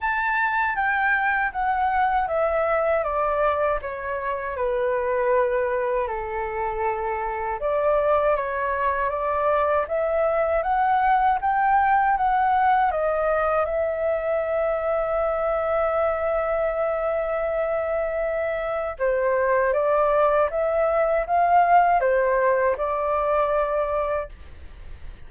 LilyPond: \new Staff \with { instrumentName = "flute" } { \time 4/4 \tempo 4 = 79 a''4 g''4 fis''4 e''4 | d''4 cis''4 b'2 | a'2 d''4 cis''4 | d''4 e''4 fis''4 g''4 |
fis''4 dis''4 e''2~ | e''1~ | e''4 c''4 d''4 e''4 | f''4 c''4 d''2 | }